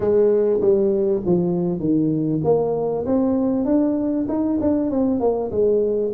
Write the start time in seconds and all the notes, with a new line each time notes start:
0.00 G#3
0.60 G3
1.25 F3
1.79 D#3
2.44 A#3
3.06 C4
3.65 D4
4.28 D#4
4.60 D4
4.90 C4
5.20 A#3
5.51 G#3